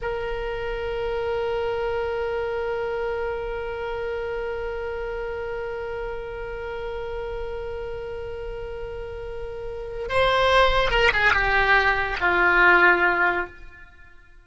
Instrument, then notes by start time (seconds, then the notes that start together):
oboe
0.01 A#4
10.08 C5
10.90 A#4
11.13 G#4
11.33 G4
12.20 F4